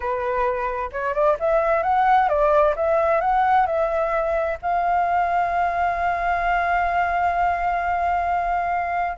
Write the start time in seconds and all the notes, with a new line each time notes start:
0.00 B4
0.92 C#5
1.13 D5
1.39 E5
1.83 F#5
2.28 D5
2.76 E5
3.20 F#5
3.66 E5
4.62 F5